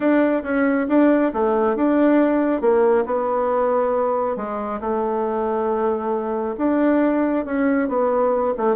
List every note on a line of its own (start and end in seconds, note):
0.00 0.42 D4
0.43 0.87 C#4
0.88 1.32 D4
1.33 1.76 A3
1.76 2.61 D4
2.61 3.05 A#3
3.05 4.36 B3
4.36 4.80 G#3
4.80 6.55 A3
6.57 7.45 D4
7.45 7.88 C#4
7.88 8.54 B3
8.57 8.76 A3